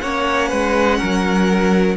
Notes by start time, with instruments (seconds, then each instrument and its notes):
0.00 cello A#3, viola C#4, violin C#5 F#5
0.48 cello G#3, violin B4
0.98 cello F#3, violin A#4